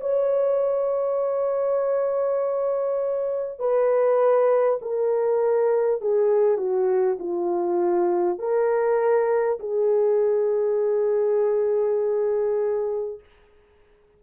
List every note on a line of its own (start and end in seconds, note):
0.00 3.59 C#5
3.59 4.79 B4
4.81 6.01 A#4
6.01 6.57 G#4
6.57 7.17 F#4
7.19 8.38 F4
8.38 9.58 A#4
9.59 13.19 G#4